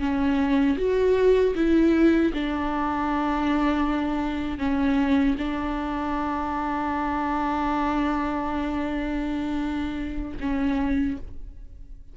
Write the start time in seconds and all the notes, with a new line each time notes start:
0.00 C#4
0.78 F#4
1.56 E4
2.34 D4
4.59 C#4
5.38 D4
10.40 C#4